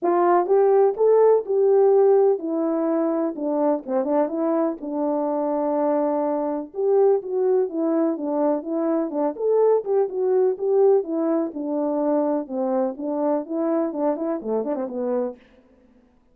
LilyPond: \new Staff \with { instrumentName = "horn" } { \time 4/4 \tempo 4 = 125 f'4 g'4 a'4 g'4~ | g'4 e'2 d'4 | c'8 d'8 e'4 d'2~ | d'2 g'4 fis'4 |
e'4 d'4 e'4 d'8 a'8~ | a'8 g'8 fis'4 g'4 e'4 | d'2 c'4 d'4 | e'4 d'8 e'8 a8 d'16 c'16 b4 | }